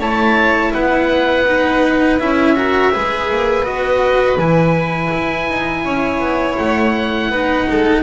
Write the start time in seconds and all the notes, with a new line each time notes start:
0.00 A3 E4 C#5 A5
0.73 B3 B4 F#5
1.47 D#4
2.20 C#4 E4 E5
2.56 F#4 A#4
2.93 G#3 G#4 B4
3.31 A#3
3.64 B3 F#4 D#5
4.38 E3 E4 G#5
5.13 E4
5.50 D#4
5.85 C#4 C#5
6.20 B3
6.58 A3 F#5
7.30 B3 D#4 B4
7.71 G#3 A4